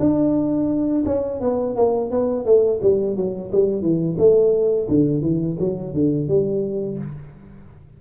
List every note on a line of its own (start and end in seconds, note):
0.00 1.05 D4
1.06 1.41 C#4
1.41 1.76 B3
1.76 2.11 A#3
2.11 2.45 B3
2.45 2.80 A3
2.82 3.16 G3
3.16 3.51 F#3
3.52 3.82 G3
3.82 4.17 E3
4.18 4.88 A3
4.88 5.22 D3
5.22 5.57 E3
5.59 5.94 F#3
5.94 6.29 D3
6.29 6.98 G3